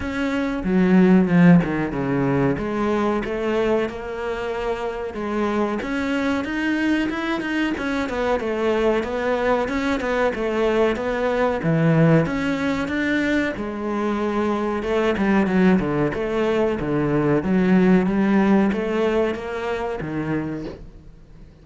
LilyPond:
\new Staff \with { instrumentName = "cello" } { \time 4/4 \tempo 4 = 93 cis'4 fis4 f8 dis8 cis4 | gis4 a4 ais2 | gis4 cis'4 dis'4 e'8 dis'8 | cis'8 b8 a4 b4 cis'8 b8 |
a4 b4 e4 cis'4 | d'4 gis2 a8 g8 | fis8 d8 a4 d4 fis4 | g4 a4 ais4 dis4 | }